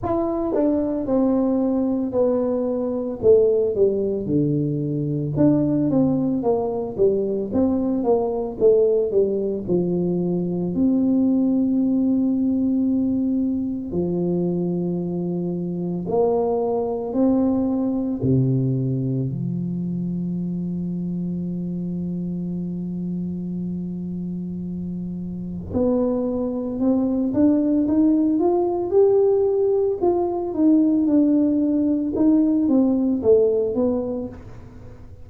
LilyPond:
\new Staff \with { instrumentName = "tuba" } { \time 4/4 \tempo 4 = 56 e'8 d'8 c'4 b4 a8 g8 | d4 d'8 c'8 ais8 g8 c'8 ais8 | a8 g8 f4 c'2~ | c'4 f2 ais4 |
c'4 c4 f2~ | f1 | b4 c'8 d'8 dis'8 f'8 g'4 | f'8 dis'8 d'4 dis'8 c'8 a8 b8 | }